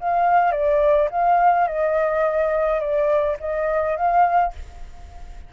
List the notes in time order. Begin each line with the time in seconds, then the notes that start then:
0.00 F5
0.52 D5
1.11 F5
1.67 D#5
2.80 D5
3.40 D#5
3.96 F5